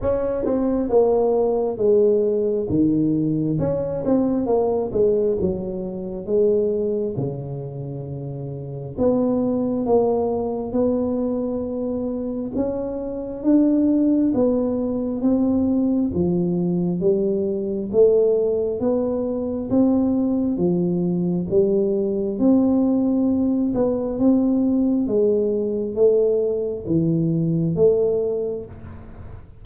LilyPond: \new Staff \with { instrumentName = "tuba" } { \time 4/4 \tempo 4 = 67 cis'8 c'8 ais4 gis4 dis4 | cis'8 c'8 ais8 gis8 fis4 gis4 | cis2 b4 ais4 | b2 cis'4 d'4 |
b4 c'4 f4 g4 | a4 b4 c'4 f4 | g4 c'4. b8 c'4 | gis4 a4 e4 a4 | }